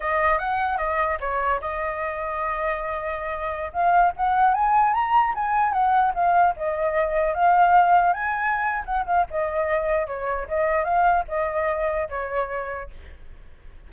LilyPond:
\new Staff \with { instrumentName = "flute" } { \time 4/4 \tempo 4 = 149 dis''4 fis''4 dis''4 cis''4 | dis''1~ | dis''4~ dis''16 f''4 fis''4 gis''8.~ | gis''16 ais''4 gis''4 fis''4 f''8.~ |
f''16 dis''2 f''4.~ f''16~ | f''16 gis''4.~ gis''16 fis''8 f''8 dis''4~ | dis''4 cis''4 dis''4 f''4 | dis''2 cis''2 | }